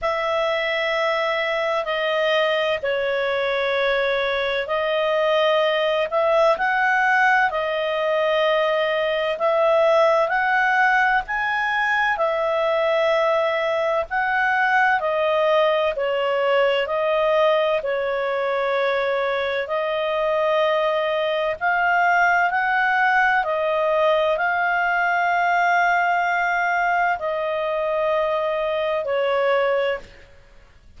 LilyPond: \new Staff \with { instrumentName = "clarinet" } { \time 4/4 \tempo 4 = 64 e''2 dis''4 cis''4~ | cis''4 dis''4. e''8 fis''4 | dis''2 e''4 fis''4 | gis''4 e''2 fis''4 |
dis''4 cis''4 dis''4 cis''4~ | cis''4 dis''2 f''4 | fis''4 dis''4 f''2~ | f''4 dis''2 cis''4 | }